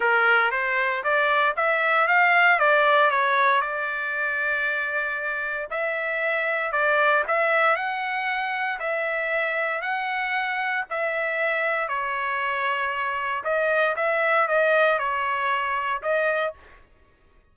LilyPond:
\new Staff \with { instrumentName = "trumpet" } { \time 4/4 \tempo 4 = 116 ais'4 c''4 d''4 e''4 | f''4 d''4 cis''4 d''4~ | d''2. e''4~ | e''4 d''4 e''4 fis''4~ |
fis''4 e''2 fis''4~ | fis''4 e''2 cis''4~ | cis''2 dis''4 e''4 | dis''4 cis''2 dis''4 | }